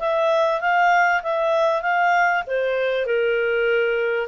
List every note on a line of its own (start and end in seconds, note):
0.00 0.61 E5
0.61 1.22 F5
1.23 1.82 E5
1.82 2.44 F5
2.47 3.06 C5
3.06 4.28 A#4